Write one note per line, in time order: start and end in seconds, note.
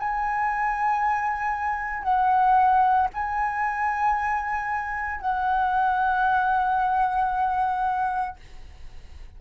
0.00 2.03 G#5
2.03 3.09 F#5
3.14 5.21 G#5
5.21 8.37 F#5